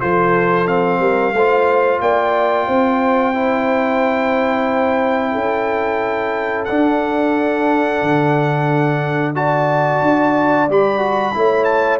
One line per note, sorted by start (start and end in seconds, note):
0.00 0.99 F3
0.00 0.66 F4
0.00 1.00 A4
0.00 0.67 C5
0.66 1.33 C4
0.66 2.00 F5
0.99 1.32 G3
0.99 1.33 A#4
1.32 1.99 A3
1.32 3.33 F4
1.32 2.01 C5
2.00 2.67 A#3
2.00 2.66 D5
2.00 6.64 G5
2.66 5.34 C4
2.66 5.32 C5
3.33 6.67 E4
5.32 6.68 C#4
5.32 9.32 A4
6.64 8.02 D4
6.64 9.34 D4
6.64 9.31 F#5
8.02 10.01 D3
9.34 10.68 F#4
9.34 11.36 D5
9.34 10.68 A5
10.01 10.67 D4
10.67 11.34 G3
10.67 10.99 G4
10.67 11.64 B5
10.99 11.32 F#4
11.34 11.99 A3
11.34 11.99 E4
11.34 11.99 C#5
11.64 11.97 A5